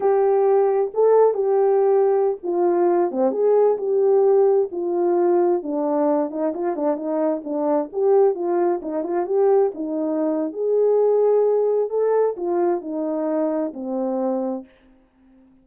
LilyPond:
\new Staff \with { instrumentName = "horn" } { \time 4/4 \tempo 4 = 131 g'2 a'4 g'4~ | g'4~ g'16 f'4. c'8 gis'8.~ | gis'16 g'2 f'4.~ f'16~ | f'16 d'4. dis'8 f'8 d'8 dis'8.~ |
dis'16 d'4 g'4 f'4 dis'8 f'16~ | f'16 g'4 dis'4.~ dis'16 gis'4~ | gis'2 a'4 f'4 | dis'2 c'2 | }